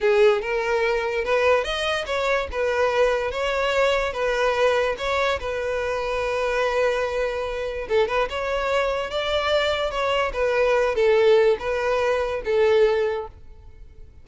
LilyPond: \new Staff \with { instrumentName = "violin" } { \time 4/4 \tempo 4 = 145 gis'4 ais'2 b'4 | dis''4 cis''4 b'2 | cis''2 b'2 | cis''4 b'2.~ |
b'2. a'8 b'8 | cis''2 d''2 | cis''4 b'4. a'4. | b'2 a'2 | }